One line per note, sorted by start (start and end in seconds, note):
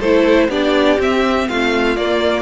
0.00 0.49 A3
0.00 0.51 E4
0.00 0.49 A4
0.00 0.51 C5
0.49 0.98 B3
0.49 0.99 D4
0.49 1.49 G4
0.49 1.00 D5
0.99 1.97 C4
0.99 1.48 C4
0.99 1.49 E5
1.49 1.97 A3
1.49 2.42 F4
1.49 1.97 F5
1.97 2.42 A#3
1.97 2.42 D5